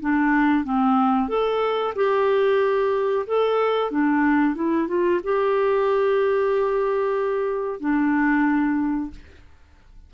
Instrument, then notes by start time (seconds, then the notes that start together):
clarinet
0.00 D4
0.64 C4
1.28 A4
1.95 G4
3.27 A4
3.91 D4
4.55 E4
4.88 F4
5.23 G4
7.80 D4